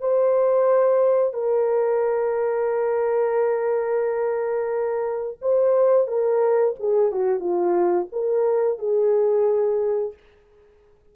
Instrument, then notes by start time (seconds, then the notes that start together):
horn
0.00 C5
1.33 A#4
5.41 C5
6.07 A#4
6.79 G#4
7.12 F#4
7.39 F4
8.12 A#4
8.78 G#4